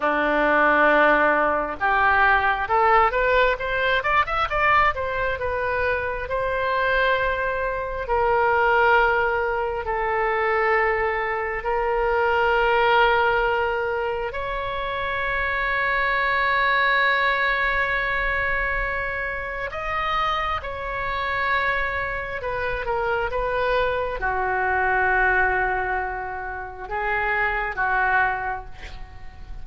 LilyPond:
\new Staff \with { instrumentName = "oboe" } { \time 4/4 \tempo 4 = 67 d'2 g'4 a'8 b'8 | c''8 d''16 e''16 d''8 c''8 b'4 c''4~ | c''4 ais'2 a'4~ | a'4 ais'2. |
cis''1~ | cis''2 dis''4 cis''4~ | cis''4 b'8 ais'8 b'4 fis'4~ | fis'2 gis'4 fis'4 | }